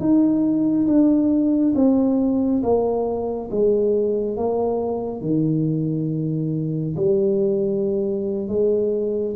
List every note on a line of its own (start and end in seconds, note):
0.00 0.87 D#4
0.87 1.74 D4
1.76 2.63 C4
2.63 3.50 A#3
3.51 4.37 G#3
4.37 5.22 A#3
5.22 6.96 D#3
6.97 8.49 G3
8.49 9.36 G#3